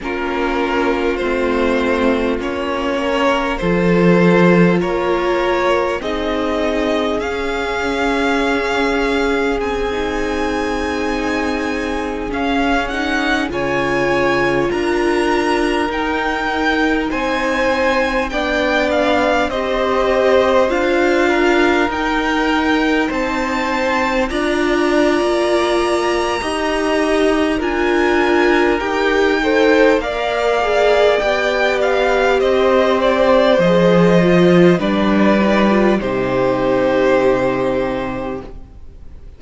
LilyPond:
<<
  \new Staff \with { instrumentName = "violin" } { \time 4/4 \tempo 4 = 50 ais'4 c''4 cis''4 c''4 | cis''4 dis''4 f''2 | gis''2~ gis''16 f''8 fis''8 gis''8.~ | gis''16 ais''4 g''4 gis''4 g''8 f''16~ |
f''16 dis''4 f''4 g''4 a''8.~ | a''16 ais''2~ ais''8. gis''4 | g''4 f''4 g''8 f''8 dis''8 d''8 | dis''4 d''4 c''2 | }
  \new Staff \with { instrumentName = "violin" } { \time 4/4 f'2~ f'8 ais'8 a'4 | ais'4 gis'2.~ | gis'2.~ gis'16 cis''8.~ | cis''16 ais'2 c''4 d''8.~ |
d''16 c''4. ais'4. c''8.~ | c''16 d''4.~ d''16 dis''4 ais'4~ | ais'8 c''8 d''2 c''4~ | c''4 b'4 g'2 | }
  \new Staff \with { instrumentName = "viola" } { \time 4/4 cis'4 c'4 cis'4 f'4~ | f'4 dis'4 cis'2~ | cis'16 dis'2 cis'8 dis'8 f'8.~ | f'4~ f'16 dis'2 d'8.~ |
d'16 g'4 f'4 dis'4.~ dis'16~ | dis'16 f'4.~ f'16 g'4 f'4 | g'8 a'8 ais'8 gis'8 g'2 | gis'8 f'8 d'8 dis'16 f'16 dis'2 | }
  \new Staff \with { instrumentName = "cello" } { \time 4/4 ais4 a4 ais4 f4 | ais4 c'4 cis'2 | c'2~ c'16 cis'4 cis8.~ | cis16 d'4 dis'4 c'4 b8.~ |
b16 c'4 d'4 dis'4 c'8.~ | c'16 d'8. ais4 dis'4 d'4 | dis'4 ais4 b4 c'4 | f4 g4 c2 | }
>>